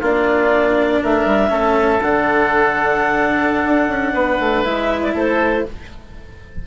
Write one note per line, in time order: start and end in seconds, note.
0.00 1.02 A#3
0.00 1.50 D4
0.00 1.00 F4
0.00 1.04 D5
1.03 1.26 A3
1.03 1.51 A#4
1.03 2.02 E5
1.26 1.51 G3
1.50 2.01 A3
1.50 2.00 C#4
1.50 4.14 A4
2.02 3.65 D3
2.02 4.65 D4
2.02 4.64 F#5
3.65 3.88 D4
3.88 4.13 C#4
4.14 4.39 B3
4.14 5.14 B4
4.40 4.65 A3
4.64 5.15 G#3
4.64 5.65 E4
4.64 5.02 E5
5.03 5.15 D5
5.15 5.65 A3
5.15 5.65 A4
5.15 5.67 C5